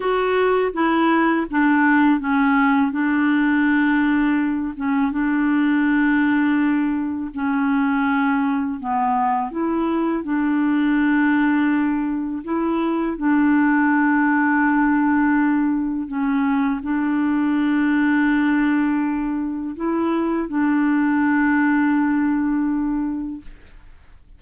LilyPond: \new Staff \with { instrumentName = "clarinet" } { \time 4/4 \tempo 4 = 82 fis'4 e'4 d'4 cis'4 | d'2~ d'8 cis'8 d'4~ | d'2 cis'2 | b4 e'4 d'2~ |
d'4 e'4 d'2~ | d'2 cis'4 d'4~ | d'2. e'4 | d'1 | }